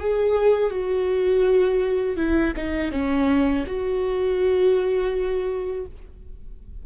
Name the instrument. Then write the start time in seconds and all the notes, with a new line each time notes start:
viola
0.00 G#4
0.71 F#4
2.17 E4
2.57 D#4
2.92 C#4
3.67 F#4